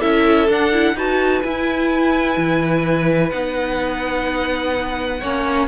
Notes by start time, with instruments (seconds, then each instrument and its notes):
0.00 cello C#4, viola E4, violin A4 E5
0.49 cello D4, viola D4, violin F#5
0.72 viola E4
0.94 cello D#4, viola F#4, violin B4 A5
1.42 viola E4, cello E4, violin G#5
2.37 cello E3
3.30 cello B3, viola D#4, violin F#5
5.20 cello A#3, viola C#4, violin C#5